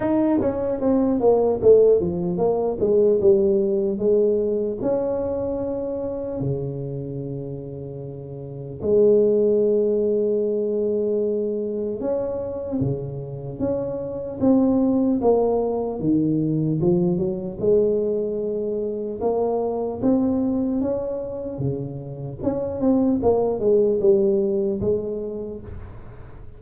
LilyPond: \new Staff \with { instrumentName = "tuba" } { \time 4/4 \tempo 4 = 75 dis'8 cis'8 c'8 ais8 a8 f8 ais8 gis8 | g4 gis4 cis'2 | cis2. gis4~ | gis2. cis'4 |
cis4 cis'4 c'4 ais4 | dis4 f8 fis8 gis2 | ais4 c'4 cis'4 cis4 | cis'8 c'8 ais8 gis8 g4 gis4 | }